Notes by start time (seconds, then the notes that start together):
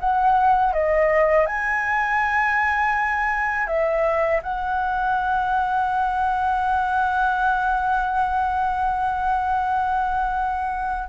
0.00 F#5
0.73 D#5
1.46 G#5
3.67 E5
4.43 F#5